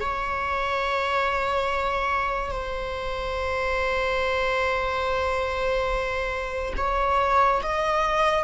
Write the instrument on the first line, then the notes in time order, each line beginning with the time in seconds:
viola
0.00 C#5
2.51 C5
6.77 C#5
7.62 D#5